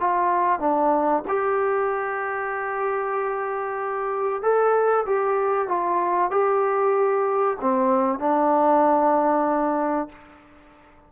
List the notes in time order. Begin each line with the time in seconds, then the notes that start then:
0.00 F4
0.60 D4
1.28 G4
4.42 A4
5.06 G4
5.68 F4
6.31 G4
7.61 C4
8.19 D4